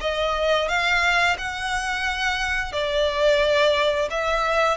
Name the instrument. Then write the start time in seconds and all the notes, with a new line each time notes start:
violin
0.00 D#5
0.68 F5
1.38 F#5
2.72 D5
4.10 E5